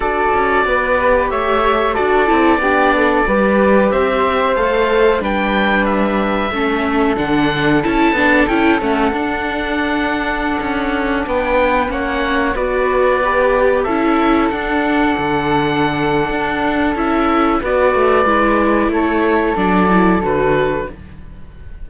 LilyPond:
<<
  \new Staff \with { instrumentName = "oboe" } { \time 4/4 \tempo 4 = 92 d''2 e''4 d''4~ | d''2 e''4 f''4 | g''4 e''2 fis''4 | a''4 g''8 fis''2~ fis''8~ |
fis''4~ fis''16 g''4 fis''4 d''8.~ | d''4~ d''16 e''4 fis''4.~ fis''16~ | fis''2 e''4 d''4~ | d''4 cis''4 d''4 b'4 | }
  \new Staff \with { instrumentName = "flute" } { \time 4/4 a'4 b'4 cis''4 a'4 | g'8 a'8 b'4 c''2 | b'2 a'2~ | a'1~ |
a'4~ a'16 b'4 cis''4 b'8.~ | b'4~ b'16 a'2~ a'8.~ | a'2. b'4~ | b'4 a'2. | }
  \new Staff \with { instrumentName = "viola" } { \time 4/4 fis'4. g'4. fis'8 e'8 | d'4 g'2 a'4 | d'2 cis'4 d'4 | e'8 d'8 e'8 cis'8 d'2~ |
d'2~ d'16 cis'4 fis'8.~ | fis'16 g'4 e'4 d'4.~ d'16~ | d'2 e'4 fis'4 | e'2 d'8 e'8 fis'4 | }
  \new Staff \with { instrumentName = "cello" } { \time 4/4 d'8 cis'8 b4 a4 d'8 c'8 | b4 g4 c'4 a4 | g2 a4 d4 | cis'8 b8 cis'8 a8 d'2~ |
d'16 cis'4 b4 ais4 b8.~ | b4~ b16 cis'4 d'4 d8.~ | d4 d'4 cis'4 b8 a8 | gis4 a4 fis4 d4 | }
>>